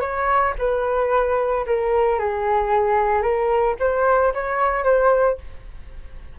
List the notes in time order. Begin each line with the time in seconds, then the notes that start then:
0.00 C#5
0.58 B4
1.66 A#4
2.19 G#4
3.22 A#4
3.79 C5
4.34 C#5
4.84 C5